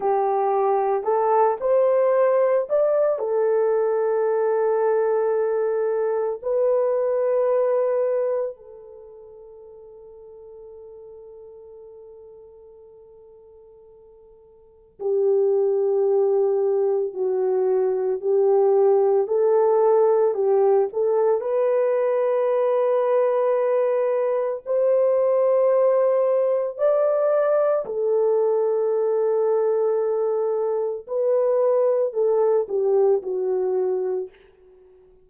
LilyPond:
\new Staff \with { instrumentName = "horn" } { \time 4/4 \tempo 4 = 56 g'4 a'8 c''4 d''8 a'4~ | a'2 b'2 | a'1~ | a'2 g'2 |
fis'4 g'4 a'4 g'8 a'8 | b'2. c''4~ | c''4 d''4 a'2~ | a'4 b'4 a'8 g'8 fis'4 | }